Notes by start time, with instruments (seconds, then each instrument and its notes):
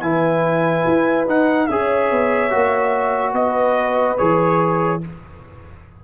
0.00 tuba E3, trombone E4, horn B4, trumpet G#5
0.87 tuba E4
1.26 tuba D#4, trombone D#4, trumpet F#5
1.67 tuba C#4, trombone G#4, horn C#5, trumpet E5
2.11 tuba B3
2.50 tuba A#3, trombone F#4
3.33 tuba B3, horn B4, trumpet D#5
4.18 tuba E3, trombone G#4, trumpet C#5